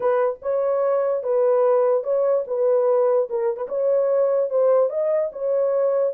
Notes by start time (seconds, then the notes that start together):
0.00 B4
0.42 C#5
1.23 B4
2.03 C#5
2.47 B4
3.29 A#4
3.57 B4
3.68 C#5
4.50 C5
4.89 D#5
5.32 C#5